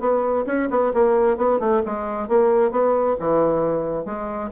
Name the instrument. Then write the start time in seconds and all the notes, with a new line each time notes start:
bassoon
0.00 B3
0.47 C#4
0.70 B3
0.94 A#3
1.37 B3
1.60 A3
1.86 G#3
2.29 A#3
2.71 B3
3.20 E3
4.05 G#3